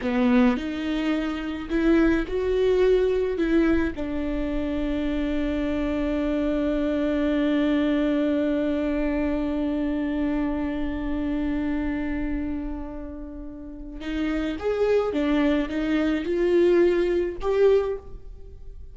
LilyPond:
\new Staff \with { instrumentName = "viola" } { \time 4/4 \tempo 4 = 107 b4 dis'2 e'4 | fis'2 e'4 d'4~ | d'1~ | d'1~ |
d'1~ | d'1~ | d'4 dis'4 gis'4 d'4 | dis'4 f'2 g'4 | }